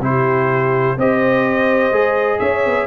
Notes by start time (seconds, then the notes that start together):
0.00 C3 E4 G4 C5
0.97 C4 G4 C5 D#5
1.92 G#3 G#4
2.39 C#4 C#5 E5
2.66 B3